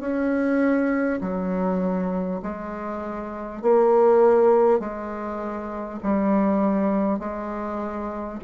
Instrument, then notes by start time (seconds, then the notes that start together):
bassoon
0.00 C#4
1.21 F#3
2.42 G#3
3.62 A#3
4.79 G#3
6.03 G3
7.19 G#3